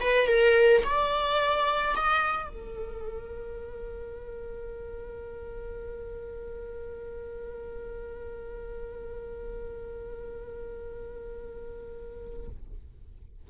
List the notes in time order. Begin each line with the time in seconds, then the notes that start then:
0.00 B4
0.27 A#4
0.84 D5
1.95 D#5
2.48 A#4